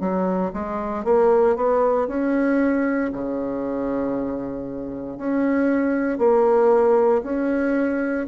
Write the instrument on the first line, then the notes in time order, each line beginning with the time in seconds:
bassoon
0.00 F#3
0.53 G#3
1.04 A#3
1.56 B3
2.07 C#4
3.13 C#3
5.18 C#4
6.18 A#3
7.23 C#4